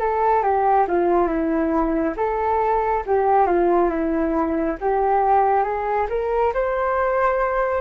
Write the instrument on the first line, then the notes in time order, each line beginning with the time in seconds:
flute
0.00 A4
0.43 G4
0.88 F4
1.28 E4
2.17 A4
3.06 G4
3.47 F4
3.90 E4
4.81 G4
5.64 G#4
6.09 A#4
6.54 C5